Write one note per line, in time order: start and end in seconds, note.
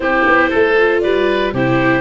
0.00 0.24 C4
0.00 0.75 E4
0.00 0.50 G4
0.00 1.00 C5
0.25 0.51 B3
0.50 1.04 A3
0.50 1.01 A4
0.77 1.54 F4
1.01 1.53 G3
1.01 1.53 B4
1.01 1.51 D5
1.53 2.01 C3
1.53 2.01 E4
1.53 2.01 G4
1.53 2.01 C5